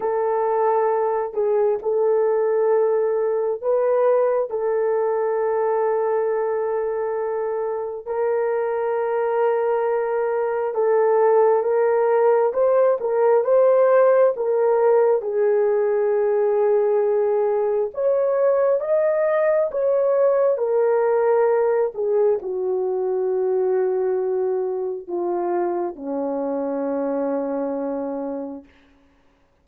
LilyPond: \new Staff \with { instrumentName = "horn" } { \time 4/4 \tempo 4 = 67 a'4. gis'8 a'2 | b'4 a'2.~ | a'4 ais'2. | a'4 ais'4 c''8 ais'8 c''4 |
ais'4 gis'2. | cis''4 dis''4 cis''4 ais'4~ | ais'8 gis'8 fis'2. | f'4 cis'2. | }